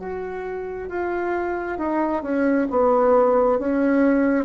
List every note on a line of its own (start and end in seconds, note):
0.00 0.89 F#4
0.89 1.79 F4
1.79 2.23 D#4
2.23 2.68 C#4
2.71 3.59 B3
3.59 4.46 C#4